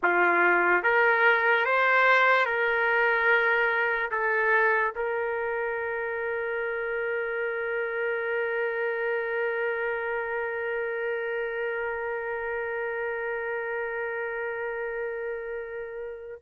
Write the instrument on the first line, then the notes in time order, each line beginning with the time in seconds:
trumpet
0.02 F4
0.83 A#4
1.65 C5
2.45 A#4
4.11 A4
4.95 A#4